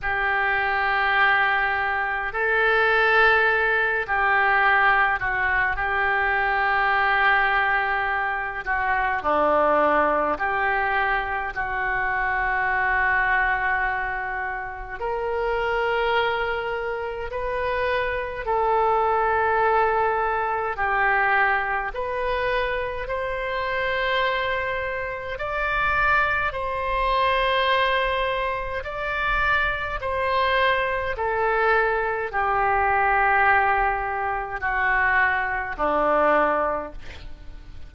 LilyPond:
\new Staff \with { instrumentName = "oboe" } { \time 4/4 \tempo 4 = 52 g'2 a'4. g'8~ | g'8 fis'8 g'2~ g'8 fis'8 | d'4 g'4 fis'2~ | fis'4 ais'2 b'4 |
a'2 g'4 b'4 | c''2 d''4 c''4~ | c''4 d''4 c''4 a'4 | g'2 fis'4 d'4 | }